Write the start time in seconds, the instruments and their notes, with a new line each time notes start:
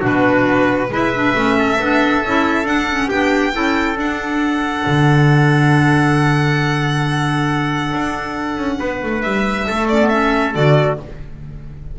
0.00 double bass B2, clarinet D4, trumpet F#4, violin B4
0.89 double bass G#3, clarinet E4, trumpet B4, violin E5
1.14 clarinet D4
1.34 double bass A3, clarinet C#4
1.58 trumpet A4
1.79 double bass B3, clarinet D4
2.24 double bass C#4, clarinet E4
2.64 double bass D4, clarinet D4, violin F#5
2.91 clarinet C#4
3.07 double bass B3, clarinet D4, trumpet G4, violin G5
3.53 double bass C#4, clarinet E4, trumpet A4
3.95 clarinet D4, double bass D4, violin F#5
4.86 double bass D3
7.92 double bass D4
8.57 double bass C#4
8.79 double bass B3, trumpet B4
9.02 double bass A3
9.21 double bass G3, violin E5
9.67 double bass A3, trumpet A4
9.88 clarinet C#4, violin D5
10.00 clarinet B3
10.08 clarinet C#4, violin E5
10.53 double bass D3, clarinet F#4, violin D5